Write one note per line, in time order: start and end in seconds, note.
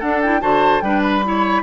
0.00 0.43 D4
0.00 0.23 D4
0.00 0.41 A4
0.00 0.21 F#5
0.22 0.41 E4
0.22 0.42 G5
0.41 0.82 D3
0.41 0.82 F#4
0.41 0.83 C5
0.41 0.82 A5
0.82 1.63 G3
0.82 1.24 D4
0.82 1.25 B4
0.82 1.02 G5
1.03 1.63 B5
1.24 1.63 E4
1.24 1.63 C#5